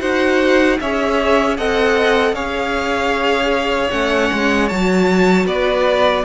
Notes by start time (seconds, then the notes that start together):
0.00 D#4 F#4 C5 F#5
0.80 C#4 G#4 C#5 E5
1.57 C4 A4 D#5 F#5
2.33 C#4 G#4 C#5 F5
3.91 A3 C#4 F#5
4.32 G#3
4.68 F#3 F#4 A5
5.46 B3 B4 D5